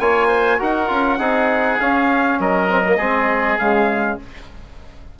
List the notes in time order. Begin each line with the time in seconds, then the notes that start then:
0.00 A#3 F4 C#5 G#5
0.28 C5
0.59 D#4 F#4 A#4 F#5
0.88 C#4 F4
1.19 C4 D#4 G#4
1.80 C#4 F5
2.40 F#3 A#4 D#5
2.69 C4
2.84 A#3
2.97 G#3 C4 G#4
3.59 C#3 G#3 F5